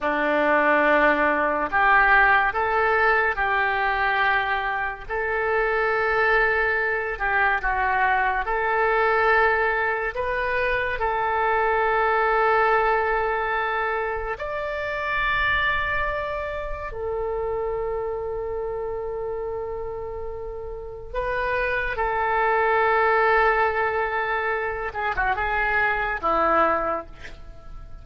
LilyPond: \new Staff \with { instrumentName = "oboe" } { \time 4/4 \tempo 4 = 71 d'2 g'4 a'4 | g'2 a'2~ | a'8 g'8 fis'4 a'2 | b'4 a'2.~ |
a'4 d''2. | a'1~ | a'4 b'4 a'2~ | a'4. gis'16 fis'16 gis'4 e'4 | }